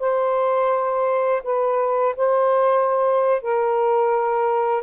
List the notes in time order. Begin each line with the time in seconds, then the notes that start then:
0.00 C5
1.44 B4
2.17 C5
3.42 A#4